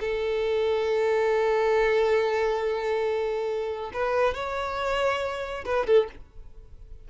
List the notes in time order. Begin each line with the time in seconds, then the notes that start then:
0.00 A4
3.93 B4
4.34 C#5
5.65 B4
5.87 A4